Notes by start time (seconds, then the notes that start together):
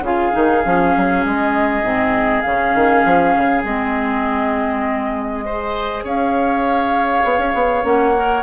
0.00 C#3 F4 G#4 F5
0.32 D#3 D#4
0.65 F3 C#4
0.96 F#3
1.25 G#3 D#5
1.82 G#2 C4
2.41 C#3 C#4 F5
2.74 D#3
3.05 F3
3.36 C#3
3.64 G#3 C4 D#5
5.45 G#4 C5
6.03 C#4 C#5 F5
7.24 B3
7.38 C#4
7.53 B3
7.83 A#3 C#4 F#5
8.16 A#4